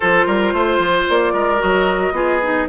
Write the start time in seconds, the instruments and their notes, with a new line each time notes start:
0.00 bassoon F3, clarinet F4, oboe A4, flute C5
0.26 bassoon G3, oboe A#4
0.53 bassoon A3, oboe C5
0.78 bassoon F3
1.09 bassoon A#3, flute D5
1.33 bassoon G#3, oboe A#4
1.58 bassoon F#3, clarinet F#4, flute D#5
2.12 bassoon B3, clarinet F4, oboe G#4
2.42 clarinet D#4